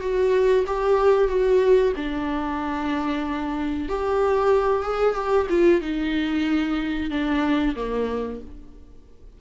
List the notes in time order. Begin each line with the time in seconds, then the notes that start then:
0.00 F#4
0.67 G4
1.28 F#4
1.96 D4
3.89 G4
4.83 G#4
5.15 G4
5.50 F4
5.81 D#4
7.10 D4
7.76 A#3